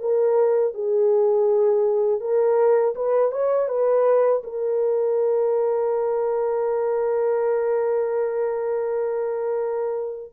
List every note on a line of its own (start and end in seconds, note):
0.00 0.74 A#4
0.74 2.21 G#4
2.21 2.95 A#4
2.95 3.32 B4
3.32 3.68 C#5
3.68 4.42 B4
4.43 10.33 A#4